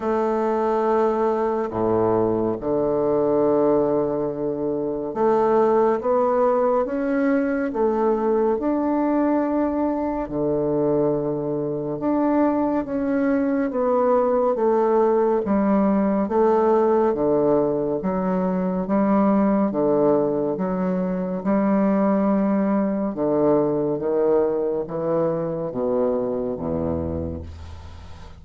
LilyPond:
\new Staff \with { instrumentName = "bassoon" } { \time 4/4 \tempo 4 = 70 a2 a,4 d4~ | d2 a4 b4 | cis'4 a4 d'2 | d2 d'4 cis'4 |
b4 a4 g4 a4 | d4 fis4 g4 d4 | fis4 g2 d4 | dis4 e4 b,4 e,4 | }